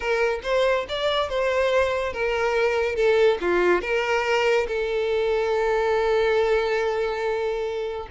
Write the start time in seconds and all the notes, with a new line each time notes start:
0.00 A#4
0.43 C5
0.88 D5
1.29 C5
2.13 A#4
2.95 A4
3.40 F4
3.81 A#4
4.67 A4